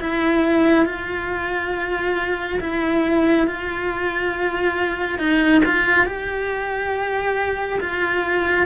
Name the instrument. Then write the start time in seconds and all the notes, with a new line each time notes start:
cello
0.00 E4
0.85 F4
2.60 E4
3.47 F4
5.19 D#4
5.65 F4
6.06 G4
7.80 F4